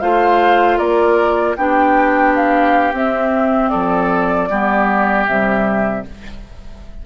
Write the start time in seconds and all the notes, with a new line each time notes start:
0.00 A3 F4 C5 F5
0.78 A#3 A#4 D5
1.56 B3 D4 G4 G5
2.35 F5
2.93 C4 E5
3.69 F3 A4 D5
4.50 G3 B3 G4
5.27 C3 G3 E5